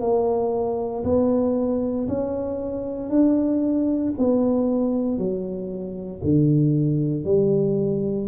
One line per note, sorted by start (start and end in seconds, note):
0.00 1.03 A#3
1.04 2.07 B3
2.08 3.09 C#4
3.09 4.13 D4
4.18 5.18 B3
5.18 6.21 F#3
6.23 7.25 D3
7.25 8.28 G3